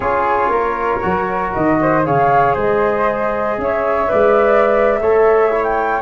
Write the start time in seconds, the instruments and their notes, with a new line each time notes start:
0.00 tuba C#4, trombone F4, flute G#4 C#5
0.48 tuba A#3, flute A#4
1.01 tuba F#3, trombone F#4
1.53 tuba D#3, flute D#5
1.81 flute C5
2.04 tuba C#3, trombone G#4, flute C#5 F5
2.54 tuba G#3, flute C5 D#5
3.57 tuba C#4, flute C#5 E5
4.07 tuba G#3, trombone B4, flute D5
5.00 tuba A3, trombone A4, flute C#5
5.51 trombone E4
5.63 flute G5